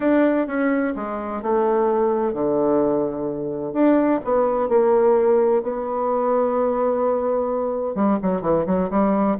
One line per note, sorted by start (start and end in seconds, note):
0.00 0.47 D4
0.47 0.94 C#4
0.95 1.42 G#3
1.42 2.33 A3
2.33 3.73 D3
3.73 4.20 D4
4.24 4.69 B3
4.69 5.62 A#3
5.62 7.95 B3
7.95 8.18 G3
8.22 8.41 F#3
8.41 8.65 E3
8.66 8.90 F#3
8.90 9.37 G3